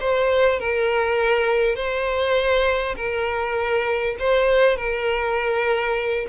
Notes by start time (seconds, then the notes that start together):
0.00 C5
0.59 A#4
1.75 C5
2.96 A#4
4.19 C5
4.76 A#4